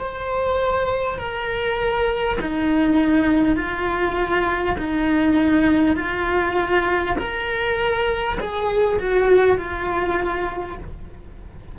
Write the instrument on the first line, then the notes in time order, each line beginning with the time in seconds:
cello
0.00 C5
1.19 A#4
2.42 D#4
3.57 F4
4.78 D#4
5.97 F4
7.19 A#4
8.41 G#4
8.99 F#4
9.58 F4